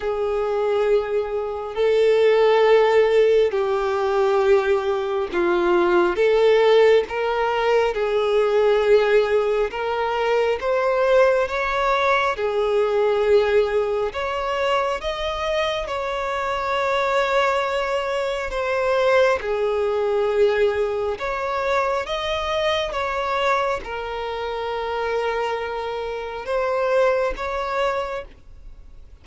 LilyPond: \new Staff \with { instrumentName = "violin" } { \time 4/4 \tempo 4 = 68 gis'2 a'2 | g'2 f'4 a'4 | ais'4 gis'2 ais'4 | c''4 cis''4 gis'2 |
cis''4 dis''4 cis''2~ | cis''4 c''4 gis'2 | cis''4 dis''4 cis''4 ais'4~ | ais'2 c''4 cis''4 | }